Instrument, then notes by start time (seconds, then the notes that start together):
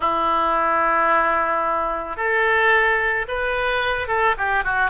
oboe
0.00 E4
2.16 A4
3.28 B4
4.07 A4
4.37 G4
4.63 F#4